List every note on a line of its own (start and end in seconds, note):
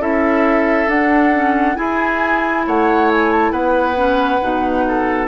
0.00 0.88 C#4
0.00 0.89 E4
0.00 1.77 A4
0.00 0.90 E5
0.88 1.76 D4
0.88 1.33 D4
0.88 1.76 F#5
1.34 1.76 C#4
1.76 3.96 E4
1.76 2.68 E4
1.76 2.66 G#4
1.76 2.65 G#5
2.67 3.52 A3
2.67 3.52 C#5
2.67 3.11 F#5
3.12 3.32 G#5
3.32 3.52 A5
3.52 4.40 B3
3.52 4.85 B4
3.52 5.28 F#5
3.96 4.40 C#4
4.42 5.28 B2
4.42 5.28 D#4
4.88 5.28 A4